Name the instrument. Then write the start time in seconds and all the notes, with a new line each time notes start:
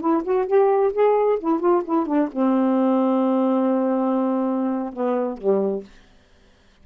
saxophone
0.00 E4
0.24 F#4
0.46 G4
0.93 G#4
1.39 E4
1.59 F4
1.84 E4
2.06 D4
2.31 C4
4.93 B3
5.37 G3